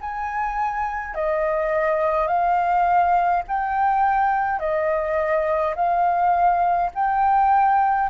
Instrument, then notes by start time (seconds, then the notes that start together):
flute
0.00 G#5
1.14 D#5
2.27 F5
3.47 G5
4.59 D#5
5.75 F5
6.94 G5